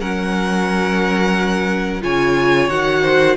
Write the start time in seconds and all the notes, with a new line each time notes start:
0.00 F#3 C#4 A#4 F#5
2.01 C#3 F4 C#5 G#5
2.69 D#3 F#4 F#5
3.02 C5